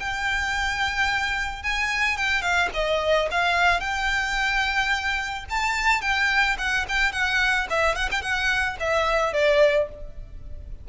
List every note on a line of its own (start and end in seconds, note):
0.00 1.63 G5
1.63 2.17 G#5
2.17 2.42 G5
2.42 2.69 F5
2.74 3.29 D#5
3.31 3.80 F5
3.80 5.45 G5
5.50 6.02 A5
6.02 6.57 G5
6.58 6.86 F#5
6.89 7.12 G5
7.12 7.67 F#5
7.70 7.95 E5
7.95 8.09 F#5
8.11 8.22 G5
8.22 8.77 F#5
8.80 9.33 E5
9.33 9.88 D5